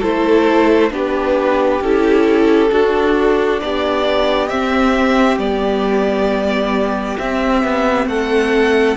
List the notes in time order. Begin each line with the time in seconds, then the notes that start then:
0.00 A3 E4 A4 C5
0.91 B3 D4 G4 B4
1.81 C#4 E4 A4
2.70 D4 F#4
3.61 B3 G4 D5
4.49 C4 E5
5.38 G3 B3 D5
7.19 C4 E5
7.64 B3
8.07 A3 A4 F#5